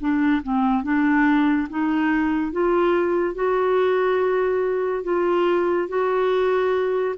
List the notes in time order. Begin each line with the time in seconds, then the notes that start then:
0.00 D4
0.43 C4
0.84 D4
1.70 D#4
2.52 F4
3.35 F#4
5.04 F4
5.88 F#4